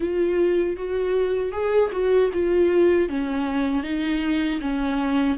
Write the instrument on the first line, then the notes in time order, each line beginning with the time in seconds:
viola
0.00 F4
0.76 F#4
1.52 G#4
1.92 F#4
2.33 F4
3.08 C#4
3.83 D#4
4.60 C#4